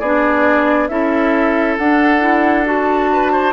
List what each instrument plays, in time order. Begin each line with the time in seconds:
0.00 bassoon B3, clarinet D4, oboe G#4, flute D5
0.89 bassoon C#4, clarinet E4, oboe A4, flute E5
1.78 bassoon D4, clarinet D4, flute F#5
2.21 clarinet E4
2.65 clarinet F#4, flute A5
3.13 oboe B4
3.32 oboe C5